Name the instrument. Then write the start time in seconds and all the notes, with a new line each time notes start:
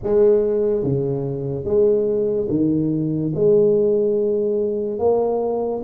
tuba
0.03 G#3
0.83 C#3
1.64 G#3
2.49 D#3
3.34 G#3
4.98 A#3